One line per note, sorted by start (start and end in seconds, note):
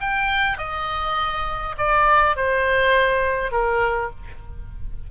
0.00 0.57 G5
0.57 1.75 D#5
1.78 2.36 D5
2.36 3.51 C5
3.51 4.10 A#4